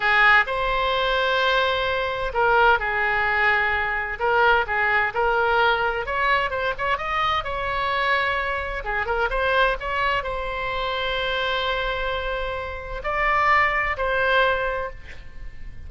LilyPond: \new Staff \with { instrumentName = "oboe" } { \time 4/4 \tempo 4 = 129 gis'4 c''2.~ | c''4 ais'4 gis'2~ | gis'4 ais'4 gis'4 ais'4~ | ais'4 cis''4 c''8 cis''8 dis''4 |
cis''2. gis'8 ais'8 | c''4 cis''4 c''2~ | c''1 | d''2 c''2 | }